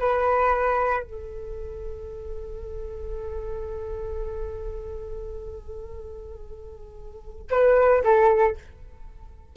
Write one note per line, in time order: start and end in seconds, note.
0.00 1.03 B4
1.03 7.48 A4
7.51 8.04 B4
8.04 8.57 A4